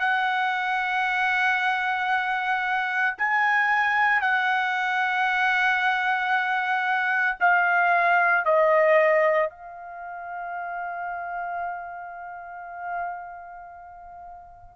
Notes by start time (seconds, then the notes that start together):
0.00 F#5
3.18 G#5
4.21 F#5
7.39 F5
8.44 D#5
9.49 F5